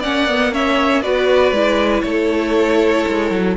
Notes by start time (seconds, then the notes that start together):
0.00 A#3 C#4 D5 F#5
0.28 B3
0.53 C#4 C#5 E5
1.02 B3 F#4 B4 D5
1.52 G#3 E4
2.02 A3 A4 C#5
3.09 G#3
3.31 F#3